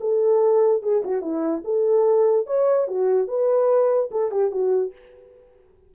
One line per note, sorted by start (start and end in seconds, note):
0.00 0.82 A4
0.82 1.03 G#4
1.04 1.21 F#4
1.21 1.63 E4
1.64 2.46 A4
2.46 2.87 C#5
2.87 3.27 F#4
3.27 4.10 B4
4.11 4.31 A4
4.31 4.51 G4
4.51 4.92 F#4